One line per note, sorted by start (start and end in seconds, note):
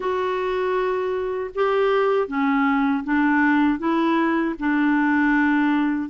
0.00 1.50 F#4
1.54 2.27 G4
2.27 3.03 C#4
3.03 3.78 D4
3.78 4.54 E4
4.59 6.09 D4